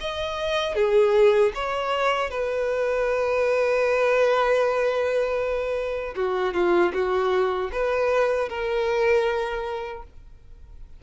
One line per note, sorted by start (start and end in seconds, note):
0.00 0.75 D#5
0.75 1.52 G#4
1.55 2.30 C#5
2.30 6.14 B4
6.16 6.53 F#4
6.53 6.92 F4
6.93 7.70 F#4
7.72 8.49 B4
8.49 10.03 A#4